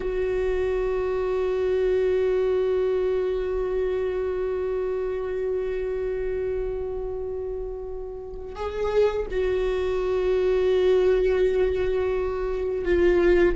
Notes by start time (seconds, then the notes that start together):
0.00 F#4
8.55 G#4
9.30 F#4
12.84 F4